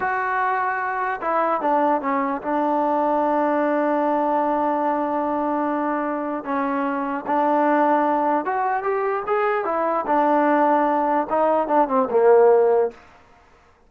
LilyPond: \new Staff \with { instrumentName = "trombone" } { \time 4/4 \tempo 4 = 149 fis'2. e'4 | d'4 cis'4 d'2~ | d'1~ | d'1 |
cis'2 d'2~ | d'4 fis'4 g'4 gis'4 | e'4 d'2. | dis'4 d'8 c'8 ais2 | }